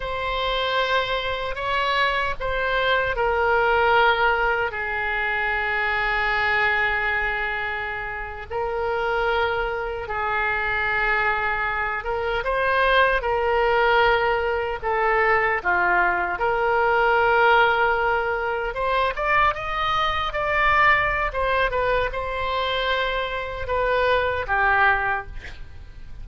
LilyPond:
\new Staff \with { instrumentName = "oboe" } { \time 4/4 \tempo 4 = 76 c''2 cis''4 c''4 | ais'2 gis'2~ | gis'2~ gis'8. ais'4~ ais'16~ | ais'8. gis'2~ gis'8 ais'8 c''16~ |
c''8. ais'2 a'4 f'16~ | f'8. ais'2. c''16~ | c''16 d''8 dis''4 d''4~ d''16 c''8 b'8 | c''2 b'4 g'4 | }